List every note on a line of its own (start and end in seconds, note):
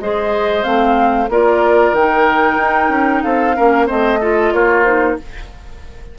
0.00 0.65 G#3
0.00 0.63 G#4
0.00 1.30 C5
0.00 0.64 D#5
0.63 1.29 A3
0.63 1.27 C4
0.63 1.28 F5
1.29 1.92 A#3
1.29 1.96 F4
1.29 3.23 A#4
1.29 1.95 D5
1.92 2.56 D#3
1.92 3.56 D#4
1.92 3.23 G5
2.57 2.89 D#4
2.89 3.21 C#4
3.23 3.57 C4
3.23 3.56 A4
3.23 3.87 F5
3.56 3.90 A#3
3.56 3.86 C#4
3.56 3.86 A#4
3.86 4.53 A3
3.86 4.19 C4
3.86 4.19 C5
3.86 4.53 D#5
4.21 4.85 F4
4.21 4.53 A4
4.53 5.17 A#3
4.53 5.18 F4
4.53 4.84 C#5
4.84 5.17 D#4
4.84 5.16 C5